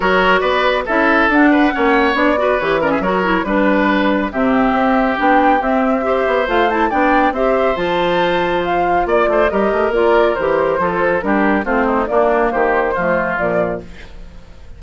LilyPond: <<
  \new Staff \with { instrumentName = "flute" } { \time 4/4 \tempo 4 = 139 cis''4 d''4 e''4 fis''4~ | fis''4 d''4 cis''8 d''16 e''16 cis''4 | b'2 e''2 | g''4 e''2 f''8 a''8 |
g''4 e''4 a''2 | f''4 d''4 dis''4 d''4 | c''2 ais'4 c''4 | d''4 c''2 d''4 | }
  \new Staff \with { instrumentName = "oboe" } { \time 4/4 ais'4 b'4 a'4. b'8 | cis''4. b'4 ais'16 gis'16 ais'4 | b'2 g'2~ | g'2 c''2 |
d''4 c''2.~ | c''4 d''8 c''8 ais'2~ | ais'4 a'4 g'4 f'8 dis'8 | d'4 g'4 f'2 | }
  \new Staff \with { instrumentName = "clarinet" } { \time 4/4 fis'2 e'4 d'4 | cis'4 d'8 fis'8 g'8 cis'8 fis'8 e'8 | d'2 c'2 | d'4 c'4 g'4 f'8 e'8 |
d'4 g'4 f'2~ | f'2 g'4 f'4 | g'4 f'4 d'4 c'4 | ais2 a4 f4 | }
  \new Staff \with { instrumentName = "bassoon" } { \time 4/4 fis4 b4 cis'4 d'4 | ais4 b4 e4 fis4 | g2 c4 c'4 | b4 c'4. b8 a4 |
b4 c'4 f2~ | f4 ais8 a8 g8 a8 ais4 | e4 f4 g4 a4 | ais4 dis4 f4 ais,4 | }
>>